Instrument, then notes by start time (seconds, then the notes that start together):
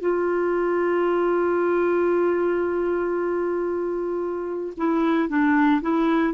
clarinet
0.00 F4
4.77 E4
5.29 D4
5.81 E4